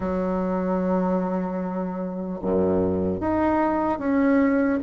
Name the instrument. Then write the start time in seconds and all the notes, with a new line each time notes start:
bassoon
0.00 F#3
2.41 F#2
3.20 D#4
3.98 C#4